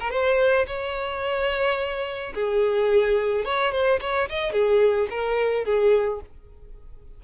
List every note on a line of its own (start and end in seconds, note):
0.00 0.10 A#4
0.10 0.66 C5
0.67 2.34 C#5
2.35 3.45 G#4
3.45 3.72 C#5
3.72 4.00 C5
4.01 4.29 C#5
4.29 4.52 D#5
4.52 5.08 G#4
5.10 5.65 A#4
5.65 6.20 G#4